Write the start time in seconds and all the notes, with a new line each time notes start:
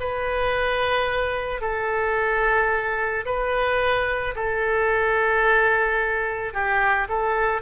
0.00 B4
1.62 A4
3.26 B4
4.36 A4
6.54 G4
7.09 A4